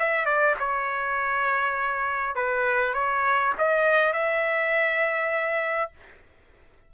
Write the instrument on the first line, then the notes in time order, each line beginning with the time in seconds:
trumpet
0.00 E5
0.26 D5
0.59 C#5
2.35 B4
2.94 C#5
3.58 D#5
4.13 E5